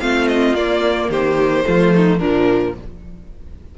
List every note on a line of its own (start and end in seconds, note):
0.00 0.53 A3
0.00 0.55 C4
0.00 1.10 F4
0.00 0.28 F5
0.28 0.55 D#5
0.53 1.08 A#3
0.53 1.65 A#3
0.53 1.10 D5
1.09 1.64 D#3
1.09 1.65 G4
1.09 2.19 C5
1.65 2.23 F3
1.65 2.20 A3
1.65 1.94 F4
1.95 2.19 D#4
2.19 2.78 A#2
2.19 2.77 F3
2.19 2.74 D4
2.19 2.74 A#4